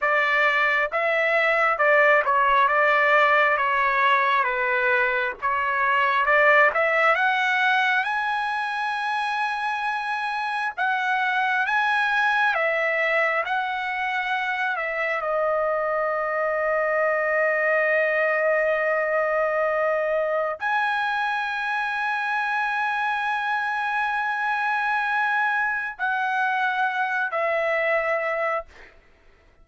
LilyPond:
\new Staff \with { instrumentName = "trumpet" } { \time 4/4 \tempo 4 = 67 d''4 e''4 d''8 cis''8 d''4 | cis''4 b'4 cis''4 d''8 e''8 | fis''4 gis''2. | fis''4 gis''4 e''4 fis''4~ |
fis''8 e''8 dis''2.~ | dis''2. gis''4~ | gis''1~ | gis''4 fis''4. e''4. | }